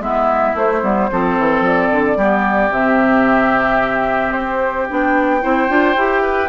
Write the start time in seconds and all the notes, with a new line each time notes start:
0.00 G#3 B3 E4 E5
0.55 A3 C5
0.83 G3 B3
1.11 F3 C4 A4
1.39 E3
1.61 F3 D5
1.92 D3
2.17 G3 B3 G4
2.71 C3 C4 E5
4.33 C4 C5
4.89 B3 D4 G5
5.42 C4 E4 C5
5.69 D4 F4
5.97 E4 G4
6.23 B4